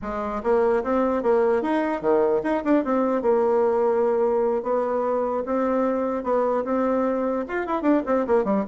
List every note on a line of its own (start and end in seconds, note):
0.02 0.42 G#3
0.43 0.83 A#3
0.83 1.22 C4
1.22 1.62 A#3
1.62 2.01 D#4
2.01 2.41 D#3
2.43 2.63 D#4
2.64 2.84 D4
2.84 3.22 C4
3.22 4.63 A#3
4.63 5.43 B3
5.45 6.23 C4
6.23 6.64 B3
6.64 7.45 C4
7.48 7.66 F4
7.66 7.82 E4
7.82 8.02 D4
8.06 8.26 C4
8.26 8.44 A#3
8.44 8.64 G3